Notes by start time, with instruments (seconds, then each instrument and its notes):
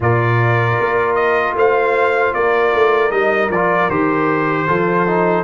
0.00 tuba A#2, trombone F4, horn A#4, trumpet D5
0.79 tuba A#3
1.14 trumpet D#5
1.54 tuba A3, horn C5, trumpet F5
2.34 tuba A#3, horn A#4, trumpet D5
2.74 tuba A3
3.10 tuba G3, trombone D#4, trumpet D#5
3.49 tuba F3, trombone F4, trumpet D5
3.89 tuba D#3, trombone G4, trumpet C5
4.67 tuba F3, trombone F4, horn A4
5.07 trombone D#4